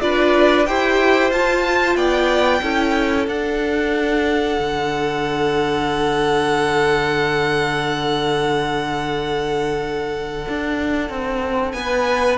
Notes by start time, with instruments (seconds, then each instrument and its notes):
0.00 cello D4, viola F4, violin B4 D5
0.66 cello E4, viola G4, violin C5 G5
1.30 cello F4, viola F4, violin A5
1.95 cello B3, violin D5 G5
2.62 cello C#4, viola E4, violin A4
3.27 cello D4, viola D4, violin F#5
4.60 cello D3
10.48 cello D4
11.09 cello C4
11.72 cello B3, violin G#5
11.78 violin B4